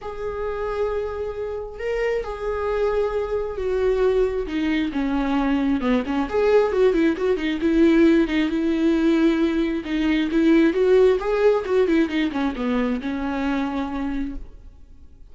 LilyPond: \new Staff \with { instrumentName = "viola" } { \time 4/4 \tempo 4 = 134 gis'1 | ais'4 gis'2. | fis'2 dis'4 cis'4~ | cis'4 b8 cis'8 gis'4 fis'8 e'8 |
fis'8 dis'8 e'4. dis'8 e'4~ | e'2 dis'4 e'4 | fis'4 gis'4 fis'8 e'8 dis'8 cis'8 | b4 cis'2. | }